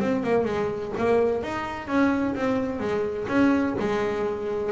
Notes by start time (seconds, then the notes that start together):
0.00 C4
0.24 A#3
0.45 G#3
0.98 A#3
1.43 D#4
1.88 C#4
2.35 C4
2.80 G#3
3.29 C#4
3.80 G#3